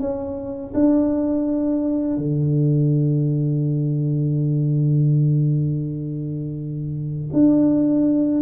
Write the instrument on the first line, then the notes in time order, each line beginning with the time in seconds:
tuba
0.00 C#4
0.74 D4
2.18 D3
7.33 D4